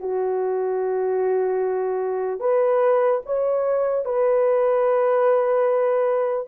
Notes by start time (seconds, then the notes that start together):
0.00 F#4
2.40 B4
3.26 C#5
4.05 B4